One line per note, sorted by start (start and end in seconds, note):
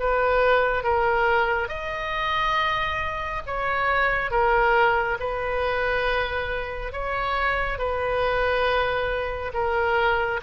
0.00 0.84 B4
0.84 1.69 A#4
1.69 3.43 D#5
3.47 4.31 C#5
4.31 5.18 A#4
5.20 6.93 B4
6.93 7.79 C#5
7.79 9.53 B4
9.54 10.41 A#4